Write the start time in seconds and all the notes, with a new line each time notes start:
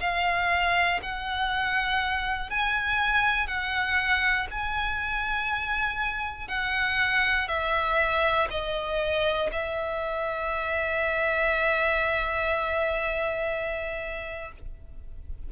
0.00 F5
1.02 F#5
2.50 G#5
3.47 F#5
4.50 G#5
6.48 F#5
7.48 E5
8.50 D#5
9.51 E5